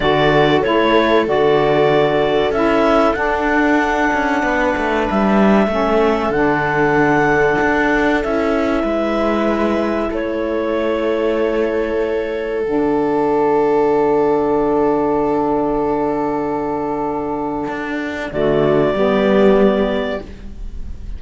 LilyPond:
<<
  \new Staff \with { instrumentName = "clarinet" } { \time 4/4 \tempo 4 = 95 d''4 cis''4 d''2 | e''4 fis''2. | e''2 fis''2~ | fis''4 e''2. |
cis''1 | fis''1~ | fis''1~ | fis''4 d''2. | }
  \new Staff \with { instrumentName = "viola" } { \time 4/4 a'1~ | a'2. b'4~ | b'4 a'2.~ | a'2 b'2 |
a'1~ | a'1~ | a'1~ | a'4 fis'4 g'2 | }
  \new Staff \with { instrumentName = "saxophone" } { \time 4/4 fis'4 e'4 fis'2 | e'4 d'2.~ | d'4 cis'4 d'2~ | d'4 e'2.~ |
e'1 | d'1~ | d'1~ | d'4 a4 b2 | }
  \new Staff \with { instrumentName = "cello" } { \time 4/4 d4 a4 d2 | cis'4 d'4. cis'8 b8 a8 | g4 a4 d2 | d'4 cis'4 gis2 |
a1 | d1~ | d1 | d'4 d4 g2 | }
>>